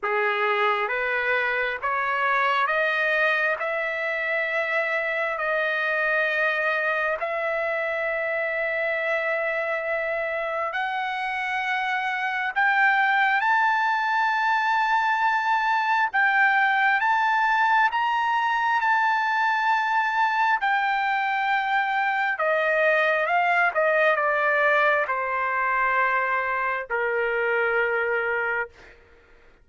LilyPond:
\new Staff \with { instrumentName = "trumpet" } { \time 4/4 \tempo 4 = 67 gis'4 b'4 cis''4 dis''4 | e''2 dis''2 | e''1 | fis''2 g''4 a''4~ |
a''2 g''4 a''4 | ais''4 a''2 g''4~ | g''4 dis''4 f''8 dis''8 d''4 | c''2 ais'2 | }